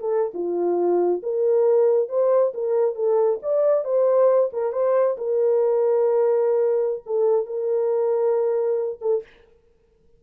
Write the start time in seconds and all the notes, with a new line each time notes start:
0.00 A4
0.34 F4
1.23 A#4
2.09 C5
2.54 A#4
2.96 A4
3.43 D5
3.85 C5
4.53 A#4
4.73 C5
5.18 A#4
7.06 A4
7.46 A#4
9.01 A4